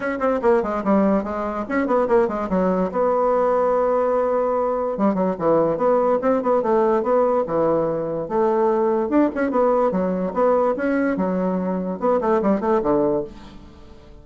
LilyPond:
\new Staff \with { instrumentName = "bassoon" } { \time 4/4 \tempo 4 = 145 cis'8 c'8 ais8 gis8 g4 gis4 | cis'8 b8 ais8 gis8 fis4 b4~ | b1 | g8 fis8 e4 b4 c'8 b8 |
a4 b4 e2 | a2 d'8 cis'8 b4 | fis4 b4 cis'4 fis4~ | fis4 b8 a8 g8 a8 d4 | }